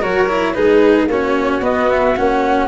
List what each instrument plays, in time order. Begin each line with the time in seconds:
0.00 tuba F#3, cello F#4, violin A#4, flute C#5
0.28 cello E4
0.54 tuba G#3, cello D#4, violin G#4, flute B4
1.07 tuba A#3, cello C#4, violin F#4, flute C#5
1.60 tuba B3, cello B3, flute D#5
1.90 flute E5
2.16 tuba A#3, cello C#4, flute F#5